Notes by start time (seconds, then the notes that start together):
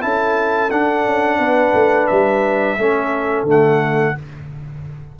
0.00 C#4 E4 A4 A5
0.70 D4 F#5
1.05 C#4
1.39 B3 B4
1.73 A3
2.07 G3 E5
2.77 A3 C#4 A4
3.43 D3 A3
3.50 F#5